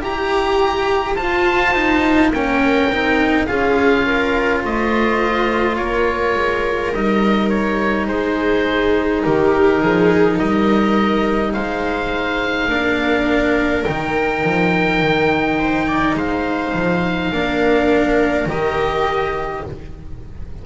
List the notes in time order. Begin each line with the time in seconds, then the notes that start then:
0.00 E4 G4 A#5
1.15 F4 C5 A5
1.75 D#4
2.30 A#3 C#4 A#4 G5
2.89 C4 D#4
3.46 C#4 F4 G#4 F5
4.06 A#4
4.63 A3 C5 D#5
5.76 A#3 A#4 C#5
6.36 G#3
6.93 G3 D#4 D#5
7.49 C#5
8.07 G#3 G#4 C5
9.25 D#3 G4 A#4
9.81 F3 G#4
10.37 G3 A#4 D#5
11.53 G#3 C5 F5
12.69 A#3 D4 A#4
13.84 D#3 D#4 G5
14.44 F3
15.01 D#3
15.58 C5
15.87 D5
16.15 G#3 C5 F5
16.74 F3
17.32 A#3 D4 A#4
18.46 D#3 G4 D#5